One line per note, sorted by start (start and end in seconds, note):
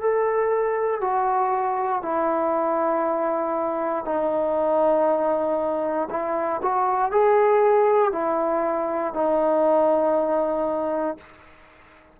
0.00 1.00 A4
1.00 2.02 F#4
2.02 4.05 E4
4.05 6.08 D#4
6.10 6.61 E4
6.62 7.11 F#4
7.11 8.12 G#4
8.12 9.13 E4
9.13 11.17 D#4